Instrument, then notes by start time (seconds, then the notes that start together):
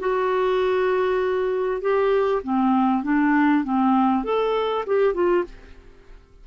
clarinet
0.00 F#4
1.82 G4
2.44 C4
3.04 D4
3.64 C4
4.25 A4
4.87 G4
5.14 F4